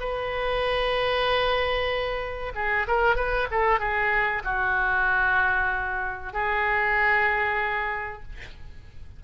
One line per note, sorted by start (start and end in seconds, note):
0.00 2.53 B4
2.55 2.87 G#4
2.88 3.16 A#4
3.16 3.48 B4
3.51 3.80 A4
3.80 4.43 G#4
4.45 6.33 F#4
6.33 8.23 G#4